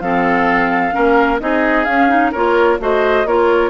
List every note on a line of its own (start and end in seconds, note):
0.00 0.93 F3
0.00 0.92 C4
0.00 0.94 A4
0.00 1.38 F5
0.92 1.41 A#3
0.92 1.38 C#4
0.92 1.40 A#4
1.40 1.86 C4
1.40 1.86 D#4
1.40 2.31 G#4
1.40 1.84 D#5
1.84 2.32 C#4
1.84 2.09 C#4
1.84 2.30 F5
2.09 2.32 D#4
2.31 2.79 A#3
2.31 2.79 F4
2.31 2.78 A#4
2.31 2.79 C#5
2.79 3.25 A3
2.79 3.25 F#4
2.79 3.27 C5
2.79 3.27 D#5
3.25 3.70 A#3
3.25 3.70 F4
3.25 3.70 A#4
3.25 3.70 C#5